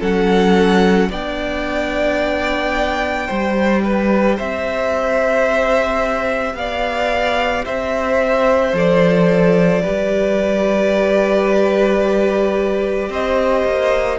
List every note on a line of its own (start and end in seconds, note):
0.00 1.10 F#3
0.00 1.11 C#4
0.00 1.09 A4
0.00 1.11 F#5
1.10 3.28 B3
1.10 3.28 D4
1.10 3.27 D5
1.10 4.39 G5
3.27 4.39 G3
3.27 8.72 G4
3.27 3.82 C5
3.84 4.36 B4
4.36 6.55 C4
4.36 6.54 C5
4.36 6.56 E5
6.55 7.64 B3
6.55 7.65 D5
6.55 7.65 F5
7.65 8.73 C4
7.65 9.82 C5
7.65 8.75 E5
8.72 9.82 F3
8.72 9.81 A4
8.72 13.13 D5
9.82 13.09 G3
9.82 14.19 G4
9.82 13.09 B4
13.09 13.64 C4
13.09 14.19 C5
13.09 14.19 D#5
13.65 14.19 A#3